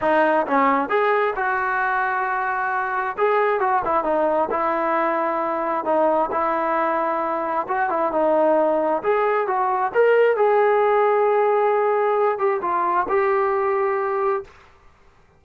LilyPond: \new Staff \with { instrumentName = "trombone" } { \time 4/4 \tempo 4 = 133 dis'4 cis'4 gis'4 fis'4~ | fis'2. gis'4 | fis'8 e'8 dis'4 e'2~ | e'4 dis'4 e'2~ |
e'4 fis'8 e'8 dis'2 | gis'4 fis'4 ais'4 gis'4~ | gis'2.~ gis'8 g'8 | f'4 g'2. | }